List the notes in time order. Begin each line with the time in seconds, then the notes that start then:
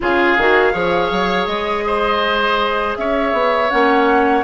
0.00 C#3 F4 G#4 F5
0.37 D#3 F#4
0.72 F3 G#4 C#5
1.10 F#3
1.46 G#3 D#5
1.86 C5
2.96 C#4 C#5 E5
3.32 B3
3.70 A#3 C#4 F#5